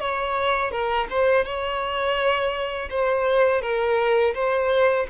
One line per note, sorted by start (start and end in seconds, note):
0.00 0.71 C#5
0.71 1.07 A#4
1.10 1.45 C5
1.45 2.89 C#5
2.90 3.61 C5
3.61 4.34 A#4
4.34 5.07 C5